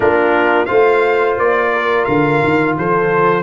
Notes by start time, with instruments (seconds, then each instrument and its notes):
0.00 tuba A#3, trombone D4, horn F4, trumpet A#4
0.65 tuba A3, trombone F4, horn C5, trumpet F5
1.37 tuba A#3, trumpet D5
1.73 horn A#4
2.05 tuba D3, trumpet F5
2.43 tuba D#3
2.77 tuba F3, horn A4, trumpet C5